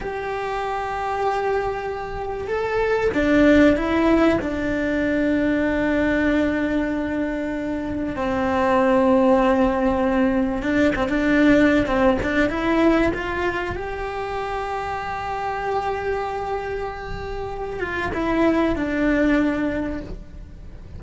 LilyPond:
\new Staff \with { instrumentName = "cello" } { \time 4/4 \tempo 4 = 96 g'1 | a'4 d'4 e'4 d'4~ | d'1~ | d'4 c'2.~ |
c'4 d'8 c'16 d'4~ d'16 c'8 d'8 | e'4 f'4 g'2~ | g'1~ | g'8 f'8 e'4 d'2 | }